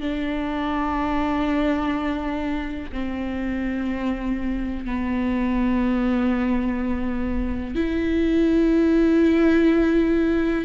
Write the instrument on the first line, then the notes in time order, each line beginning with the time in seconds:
viola
0.00 D4
2.92 C4
4.85 B3
7.75 E4